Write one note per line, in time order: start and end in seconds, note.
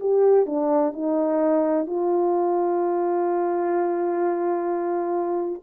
0.00 0.46 G4
0.46 0.93 D4
0.93 1.87 D#4
1.87 5.62 F4